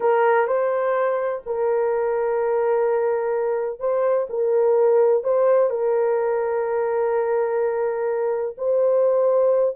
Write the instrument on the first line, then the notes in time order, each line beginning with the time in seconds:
horn
0.00 A#4
0.47 C5
1.46 A#4
3.79 C5
4.29 A#4
5.23 C5
5.69 A#4
8.57 C5